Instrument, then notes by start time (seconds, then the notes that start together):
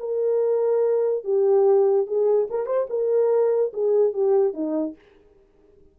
horn
0.00 A#4
1.24 G4
2.07 G#4
2.50 A#4
2.66 C5
2.90 A#4
3.74 G#4
4.13 G4
4.54 D#4